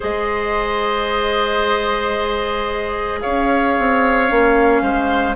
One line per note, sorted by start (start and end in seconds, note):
0.00 3.24 G#3
0.00 4.28 G#4
0.00 3.19 C5
0.00 3.21 D#5
3.21 3.78 C#4
3.21 4.82 C#5
3.21 5.35 F5
3.78 4.30 C4
4.28 4.81 A#3
4.28 5.35 C#4
4.81 5.35 G#3
4.81 5.35 C5